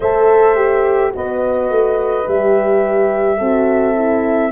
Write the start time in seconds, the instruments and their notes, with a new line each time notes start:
0.00 tuba A3, horn A4 C5, flute E5
0.55 horn G4
1.11 tuba B3, horn F#4 B4, flute D#5
1.69 tuba A3
2.25 tuba G3, horn G4, flute E5
3.38 tuba C4, horn F#4 A4
3.95 horn E4